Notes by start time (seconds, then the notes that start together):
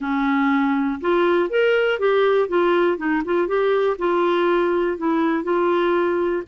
0.00 C#4
1.01 F4
1.49 A#4
1.99 G4
2.48 F4
2.97 D#4
3.25 F4
3.47 G4
3.98 F4
4.97 E4
5.43 F4